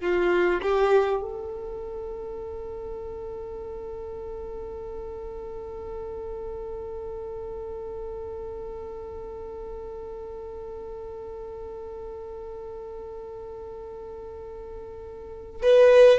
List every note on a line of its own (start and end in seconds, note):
0.00 0.60 F4
0.62 1.22 G4
1.22 15.62 A4
15.62 16.19 B4